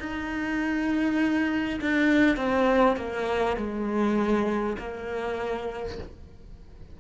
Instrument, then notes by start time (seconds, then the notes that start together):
cello
0.00 D#4
1.81 D4
2.37 C4
2.97 A#3
3.57 G#3
4.78 A#3